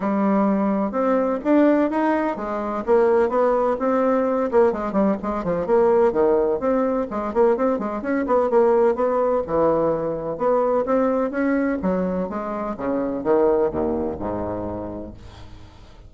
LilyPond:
\new Staff \with { instrumentName = "bassoon" } { \time 4/4 \tempo 4 = 127 g2 c'4 d'4 | dis'4 gis4 ais4 b4 | c'4. ais8 gis8 g8 gis8 f8 | ais4 dis4 c'4 gis8 ais8 |
c'8 gis8 cis'8 b8 ais4 b4 | e2 b4 c'4 | cis'4 fis4 gis4 cis4 | dis4 dis,4 gis,2 | }